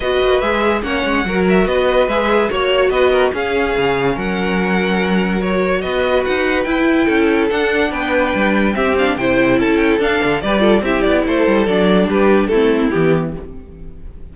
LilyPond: <<
  \new Staff \with { instrumentName = "violin" } { \time 4/4 \tempo 4 = 144 dis''4 e''4 fis''4. e''8 | dis''4 e''4 cis''4 dis''4 | f''2 fis''2~ | fis''4 cis''4 dis''4 fis''4 |
g''2 fis''4 g''4~ | g''4 e''8 f''8 g''4 a''8 g''8 | f''4 d''4 e''8 d''8 c''4 | d''4 b'4 a'4 g'4 | }
  \new Staff \with { instrumentName = "violin" } { \time 4/4 b'2 cis''4 ais'4 | b'2 cis''4 b'8 ais'8 | gis'2 ais'2~ | ais'2 b'2~ |
b'4 a'2 b'4~ | b'4 g'4 c''4 a'4~ | a'4 b'8 a'8 g'4 a'4~ | a'4 g'4 e'2 | }
  \new Staff \with { instrumentName = "viola" } { \time 4/4 fis'4 gis'4 cis'4 fis'4~ | fis'4 gis'4 fis'2 | cis'1~ | cis'4 fis'2. |
e'2 d'2~ | d'4 c'8 d'8 e'2 | d'4 g'8 f'8 e'2 | d'2 c'4 b4 | }
  \new Staff \with { instrumentName = "cello" } { \time 4/4 b8 ais8 gis4 ais8 gis8 fis4 | b4 gis4 ais4 b4 | cis'4 cis4 fis2~ | fis2 b4 dis'4 |
e'4 cis'4 d'4 b4 | g4 c'4 c4 cis'4 | d'8 d8 g4 c'8 b8 a8 g8 | fis4 g4 a4 e4 | }
>>